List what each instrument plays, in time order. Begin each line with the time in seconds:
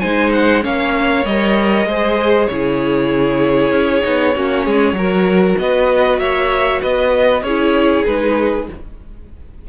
0.00 cello G#3, viola D#4, violin C5 G#5
0.32 violin F#5
0.62 cello A#3, viola C#4, violin C#5 F5
1.25 cello G3, viola A#4, violin D#5
1.86 cello G#3, viola G#4, violin C5
2.47 cello C#3, viola E4, violin G#4 C#5
3.71 cello C#4
4.03 cello B3, viola D#4
4.36 cello A#3, viola C#4, violin F#4
4.65 cello G#3, violin G#4
4.93 cello F#3, viola F#4, violin A#4
5.59 cello B3, violin B4 D#5
6.19 cello A#3, violin C#5 E5
6.82 cello B3, violin B4 D#5
7.42 cello C#4, violin G#4 C#5
7.48 viola E4
8.06 cello G#3, viola D#4, violin B4